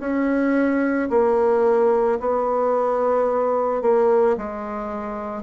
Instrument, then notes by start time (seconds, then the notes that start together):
bassoon
0.00 C#4
1.10 A#3
2.20 B3
3.82 A#3
4.37 G#3